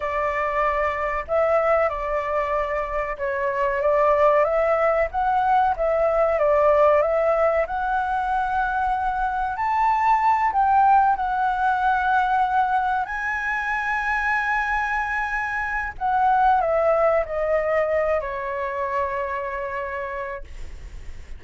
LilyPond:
\new Staff \with { instrumentName = "flute" } { \time 4/4 \tempo 4 = 94 d''2 e''4 d''4~ | d''4 cis''4 d''4 e''4 | fis''4 e''4 d''4 e''4 | fis''2. a''4~ |
a''8 g''4 fis''2~ fis''8~ | fis''8 gis''2.~ gis''8~ | gis''4 fis''4 e''4 dis''4~ | dis''8 cis''2.~ cis''8 | }